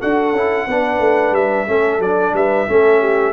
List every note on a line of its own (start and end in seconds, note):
0.00 0.33 D4
0.00 0.34 F#4
0.00 0.67 A4
0.00 1.35 F#5
0.33 0.66 C#4
0.33 0.70 E4
0.68 1.00 B3
0.68 1.67 D4
0.68 1.68 B4
1.00 1.32 A3
1.32 1.65 G3
1.32 2.01 E5
1.67 1.99 A3
1.67 2.01 C#4
1.67 2.34 A4
1.99 2.33 F#3
1.99 2.68 D4
1.99 2.35 D5
2.33 2.67 G3
2.33 2.68 B4
2.33 3.33 E5
2.68 3.33 A3
2.68 3.33 C#4
2.68 3.01 A4
3.01 3.33 G4